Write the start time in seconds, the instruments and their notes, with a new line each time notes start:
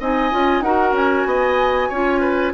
0.00 bassoon C4, clarinet D#4, oboe D#5, flute G#5
0.31 bassoon C#4, clarinet F4
0.61 bassoon D#4, clarinet F#4, oboe A#4, flute F#5
0.92 bassoon C#4, flute G#5
1.26 bassoon B3, oboe D#5
1.89 bassoon C#4, clarinet F4, oboe C#5
2.21 oboe B4